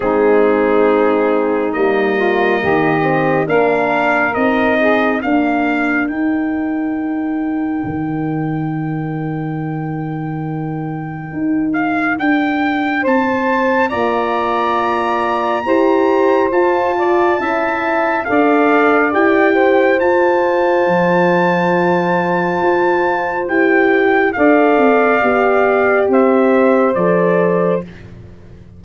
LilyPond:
<<
  \new Staff \with { instrumentName = "trumpet" } { \time 4/4 \tempo 4 = 69 gis'2 dis''2 | f''4 dis''4 f''4 g''4~ | g''1~ | g''4. f''8 g''4 a''4 |
ais''2. a''4~ | a''4 f''4 g''4 a''4~ | a''2. g''4 | f''2 e''4 d''4 | }
  \new Staff \with { instrumentName = "saxophone" } { \time 4/4 dis'2~ dis'8 f'8 g'4 | ais'4. gis'8 ais'2~ | ais'1~ | ais'2. c''4 |
d''2 c''4. d''8 | e''4 d''4. c''4.~ | c''1 | d''2 c''2 | }
  \new Staff \with { instrumentName = "horn" } { \time 4/4 c'2 ais4. c'8 | d'4 dis'4 ais4 dis'4~ | dis'1~ | dis'1 |
f'2 g'4 f'4 | e'4 a'4 g'4 f'4~ | f'2. g'4 | a'4 g'2 a'4 | }
  \new Staff \with { instrumentName = "tuba" } { \time 4/4 gis2 g4 dis4 | ais4 c'4 d'4 dis'4~ | dis'4 dis2.~ | dis4 dis'4 d'4 c'4 |
ais2 e'4 f'4 | cis'4 d'4 e'4 f'4 | f2 f'4 e'4 | d'8 c'8 b4 c'4 f4 | }
>>